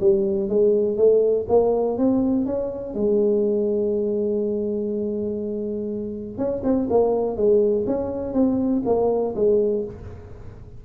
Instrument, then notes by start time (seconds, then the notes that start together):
tuba
0.00 G3
0.49 G#3
0.97 A3
1.48 A#3
1.98 C4
2.45 C#4
2.94 G#3
6.37 C#4
6.63 C4
6.90 A#3
7.36 G#3
7.86 C#4
8.33 C4
8.85 A#3
9.35 G#3